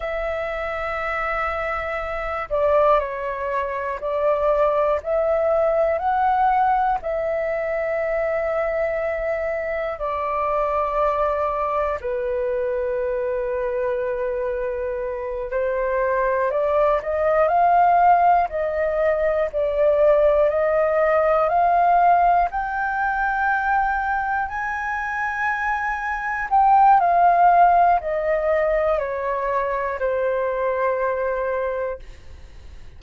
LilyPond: \new Staff \with { instrumentName = "flute" } { \time 4/4 \tempo 4 = 60 e''2~ e''8 d''8 cis''4 | d''4 e''4 fis''4 e''4~ | e''2 d''2 | b'2.~ b'8 c''8~ |
c''8 d''8 dis''8 f''4 dis''4 d''8~ | d''8 dis''4 f''4 g''4.~ | g''8 gis''2 g''8 f''4 | dis''4 cis''4 c''2 | }